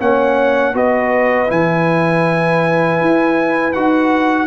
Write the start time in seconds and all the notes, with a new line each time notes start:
0.00 A#3 C#4 C#5 F#5
0.74 B3 F#4 B4 D#5
1.48 E3 E4 G#5
3.01 E4
3.73 D#4 F#4 F#5